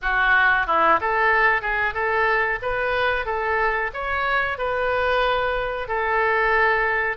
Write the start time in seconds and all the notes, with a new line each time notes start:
0.01 F#4
0.67 E4
1.00 A4
1.61 G#4
1.94 A4
2.61 B4
3.25 A4
3.93 C#5
4.58 B4
5.88 A4